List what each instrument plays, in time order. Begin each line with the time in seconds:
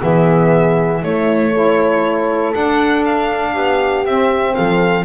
0.00 double bass E3, saxophone B3, horn G#4, violin E5
1.01 saxophone A3, double bass A3, horn E4, violin C#5
1.53 saxophone E4, horn A4
2.53 saxophone D4, double bass D4, violin F#5
3.05 violin F5
3.53 double bass B3, horn G4
4.05 double bass C4, saxophone C4, violin E5
4.54 double bass F3, horn A4, violin F5